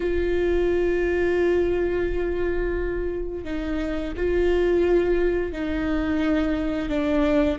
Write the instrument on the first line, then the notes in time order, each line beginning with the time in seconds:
viola
0.00 F4
3.44 D#4
4.16 F4
5.52 D#4
6.89 D4